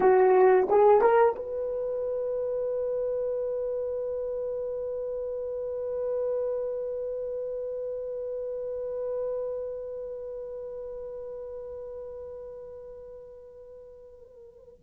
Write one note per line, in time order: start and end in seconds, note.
0.00 0.67 F#4
0.69 1.01 G#4
1.01 1.35 A#4
1.35 14.83 B4